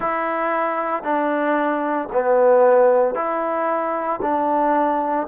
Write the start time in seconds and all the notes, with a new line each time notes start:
0.00 E4
1.03 D4
2.12 B3
3.14 E4
4.22 D4